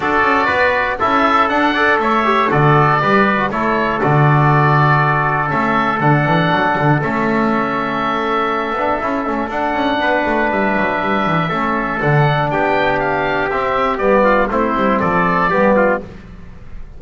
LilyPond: <<
  \new Staff \with { instrumentName = "oboe" } { \time 4/4 \tempo 4 = 120 d''2 e''4 fis''4 | e''4 d''2 cis''4 | d''2. e''4 | fis''2 e''2~ |
e''2. fis''4~ | fis''4 e''2. | fis''4 g''4 f''4 e''4 | d''4 c''4 d''2 | }
  \new Staff \with { instrumentName = "trumpet" } { \time 4/4 a'4 b'4 a'4. d''8 | cis''4 a'4 b'4 a'4~ | a'1~ | a'1~ |
a'1 | b'2. a'4~ | a'4 g'2.~ | g'8 f'8 e'4 a'4 g'8 f'8 | }
  \new Staff \with { instrumentName = "trombone" } { \time 4/4 fis'2 e'4 d'8 a'8~ | a'8 g'8 fis'4 g'8. fis'16 e'4 | fis'2. cis'4 | d'2 cis'2~ |
cis'4. d'8 e'8 cis'8 d'4~ | d'2. cis'4 | d'2. c'4 | b4 c'2 b4 | }
  \new Staff \with { instrumentName = "double bass" } { \time 4/4 d'8 cis'8 b4 cis'4 d'4 | a4 d4 g4 a4 | d2. a4 | d8 e8 fis8 d8 a2~ |
a4. b8 cis'8 a8 d'8 cis'8 | b8 a8 g8 fis8 g8 e8 a4 | d4 b2 c'4 | g4 a8 g8 f4 g4 | }
>>